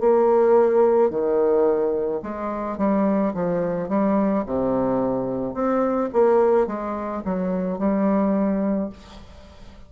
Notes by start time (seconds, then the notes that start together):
0.00 A#3
1.10 D#3
2.22 G#3
2.78 G3
3.34 F3
3.88 G3
4.46 C3
5.54 C4
6.13 A#3
6.67 G#3
7.25 F#3
7.78 G3